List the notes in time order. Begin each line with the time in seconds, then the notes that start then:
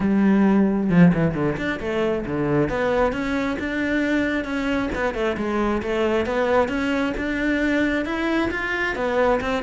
0.00 G3
0.89 F3
1.14 E3
1.34 D3
1.57 D4
1.80 A3
2.25 D3
2.69 B3
3.12 C#4
3.59 D4
4.44 C#4
4.95 B3
5.14 A3
5.37 G#3
5.82 A3
6.26 B3
6.68 C#4
7.17 D4
8.05 E4
8.51 F4
8.95 B3
9.41 C4